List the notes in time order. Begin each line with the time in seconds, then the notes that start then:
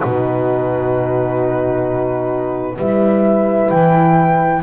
0.00 B2 D#4 F#4 B4
2.77 G3 E4 B4 E5
3.70 E3 G5